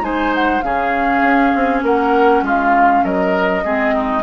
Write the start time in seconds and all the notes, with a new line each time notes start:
0.00 G#3 D#4 C5 G#5
0.34 F#5
0.61 C#3 C#4 G#4 F5
1.22 C#4
1.55 C4
1.82 A#3 A#4 F#5
2.42 G#3 F4 F5
3.03 F#3 A#4 D#5
3.64 G#3 C4 G#4
3.94 D#4